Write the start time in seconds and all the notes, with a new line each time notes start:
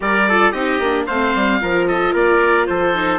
0.00 G3 G4 A#4 D5
0.28 F4 A4
0.51 C4 D#4 G4 D#5
0.79 A#3 D4
1.06 A3 C4 C5 F5
1.34 G3
1.60 F3 F4 A#4
1.87 A4 D#5
2.13 A#3 A#4 D5
2.66 F3 A4 C5
2.94 D#4